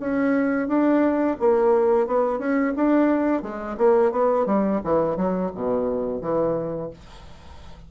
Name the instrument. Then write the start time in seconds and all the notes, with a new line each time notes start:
bassoon
0.00 C#4
0.68 D4
1.40 A#3
2.07 B3
2.39 C#4
2.76 D4
3.43 G#3
3.78 A#3
4.12 B3
4.46 G3
4.84 E3
5.17 F#3
5.55 B2
6.22 E3